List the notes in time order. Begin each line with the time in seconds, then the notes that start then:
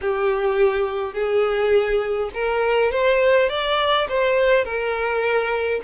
0.01 G4
1.13 G#4
2.34 A#4
2.91 C5
3.49 D5
4.08 C5
4.64 A#4